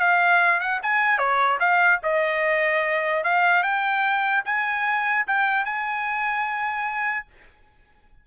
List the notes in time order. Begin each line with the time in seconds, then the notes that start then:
0.00 F5
0.60 F#5
0.83 G#5
1.18 C#5
1.60 F5
2.03 D#5
3.24 F5
3.63 G5
4.45 G#5
5.27 G5
5.65 G#5